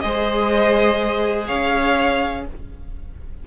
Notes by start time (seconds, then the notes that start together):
0.00 G#3 G#4 C5 D#5
1.47 C#4 C#5 F5